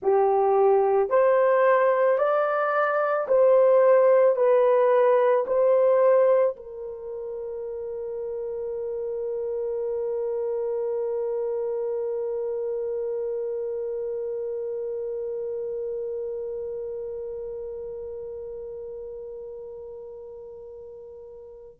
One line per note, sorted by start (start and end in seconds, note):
0.02 1.09 G4
1.09 2.18 C5
2.18 3.27 D5
3.27 4.36 C5
4.36 5.45 B4
5.46 6.56 C5
6.56 21.80 A#4